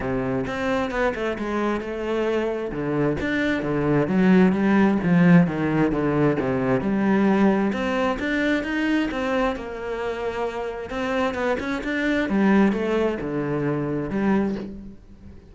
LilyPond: \new Staff \with { instrumentName = "cello" } { \time 4/4 \tempo 4 = 132 c4 c'4 b8 a8 gis4 | a2 d4 d'4 | d4 fis4 g4 f4 | dis4 d4 c4 g4~ |
g4 c'4 d'4 dis'4 | c'4 ais2. | c'4 b8 cis'8 d'4 g4 | a4 d2 g4 | }